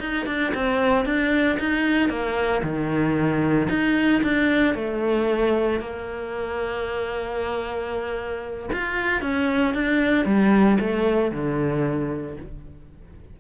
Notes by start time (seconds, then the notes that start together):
0.00 D#4
0.26 D4
0.54 C4
1.06 D4
1.59 D#4
2.09 A#3
2.63 D#3
3.69 D#4
4.23 D4
4.75 A3
5.80 A#3
8.73 F4
9.22 C#4
9.74 D4
10.26 G3
10.80 A3
11.31 D3